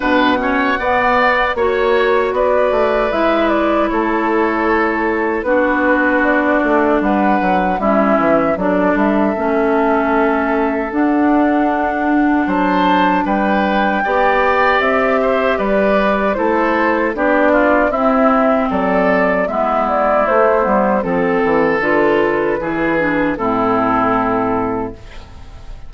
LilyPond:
<<
  \new Staff \with { instrumentName = "flute" } { \time 4/4 \tempo 4 = 77 fis''2 cis''4 d''4 | e''8 d''8 cis''2 b'4 | d''4 fis''4 e''4 d''8 e''8~ | e''2 fis''2 |
a''4 g''2 e''4 | d''4 c''4 d''4 e''4 | d''4 e''8 d''8 c''4 a'4 | b'2 a'2 | }
  \new Staff \with { instrumentName = "oboe" } { \time 4/4 b'8 cis''8 d''4 cis''4 b'4~ | b'4 a'2 fis'4~ | fis'4 b'4 e'4 a'4~ | a'1 |
c''4 b'4 d''4. c''8 | b'4 a'4 g'8 f'8 e'4 | a'4 e'2 a'4~ | a'4 gis'4 e'2 | }
  \new Staff \with { instrumentName = "clarinet" } { \time 4/4 d'8 cis'8 b4 fis'2 | e'2. d'4~ | d'2 cis'4 d'4 | cis'2 d'2~ |
d'2 g'2~ | g'4 e'4 d'4 c'4~ | c'4 b4 a8 b8 c'4 | f'4 e'8 d'8 c'2 | }
  \new Staff \with { instrumentName = "bassoon" } { \time 4/4 b,4 b4 ais4 b8 a8 | gis4 a2 b4~ | b8 a8 g8 fis8 g8 e8 fis8 g8 | a2 d'2 |
fis4 g4 b4 c'4 | g4 a4 b4 c'4 | fis4 gis4 a8 g8 f8 e8 | d4 e4 a,2 | }
>>